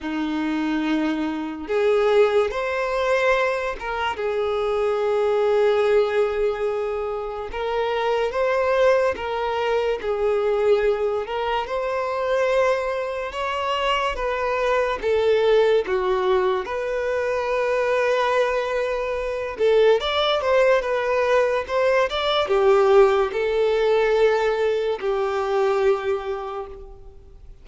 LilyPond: \new Staff \with { instrumentName = "violin" } { \time 4/4 \tempo 4 = 72 dis'2 gis'4 c''4~ | c''8 ais'8 gis'2.~ | gis'4 ais'4 c''4 ais'4 | gis'4. ais'8 c''2 |
cis''4 b'4 a'4 fis'4 | b'2.~ b'8 a'8 | d''8 c''8 b'4 c''8 d''8 g'4 | a'2 g'2 | }